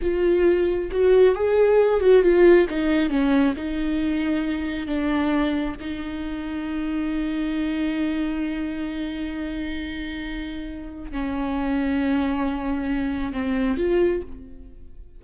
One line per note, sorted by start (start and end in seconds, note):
0.01 0.90 F4
0.91 1.35 F#4
1.35 2.00 G#4
2.00 2.22 F#4
2.22 2.66 F4
2.69 3.09 D#4
3.09 3.54 C#4
3.56 4.86 D#4
4.86 5.75 D4
5.80 11.11 D#4
11.11 13.33 C#4
13.33 13.77 C4
13.77 14.21 F4